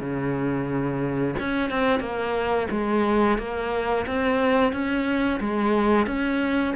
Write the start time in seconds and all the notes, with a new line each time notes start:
0.00 C#3
1.39 C#4
1.70 C4
1.99 A#3
2.70 G#3
3.38 A#3
4.06 C4
4.72 C#4
5.40 G#3
6.06 C#4